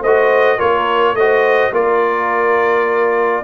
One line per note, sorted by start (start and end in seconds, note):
0.00 0.58 A3
0.00 0.58 F#4
0.00 0.57 C5
0.00 0.60 D#5
0.57 1.13 A#3
0.57 1.15 F4
0.57 1.14 A#4
0.57 1.15 C#5
1.13 1.70 A3
1.13 1.73 F#4
1.13 1.73 C5
1.13 1.72 D#5
1.71 3.43 A#3
1.71 3.44 F4
1.71 3.44 A#4
1.71 3.44 D5